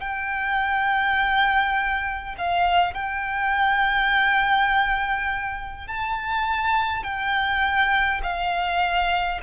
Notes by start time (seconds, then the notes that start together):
0.00 G5
2.38 F5
2.94 G5
5.87 A5
7.03 G5
8.23 F5